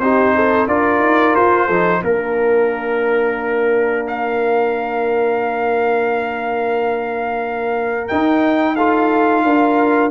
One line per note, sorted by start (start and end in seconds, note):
0.00 0.68 C4
0.00 0.69 D#4
0.00 0.35 G4
0.00 0.67 C5
0.35 0.69 A4
0.68 1.00 D4
0.68 1.70 F4
0.68 1.67 A#4
0.68 1.36 D5
1.00 1.34 D#4
1.36 1.69 F4
1.36 2.03 C5
1.67 2.03 F3
1.67 2.04 D#4
1.67 2.01 A4
2.04 8.11 A#3
2.04 8.10 D4
2.04 4.07 A#4
2.04 8.76 A#4
4.08 8.09 F5
8.09 8.77 D#4
8.09 9.45 D#4
8.09 8.76 G5
8.76 10.11 F4
8.76 9.43 A4
8.76 10.11 F5
9.45 10.11 D4
9.45 10.11 A#4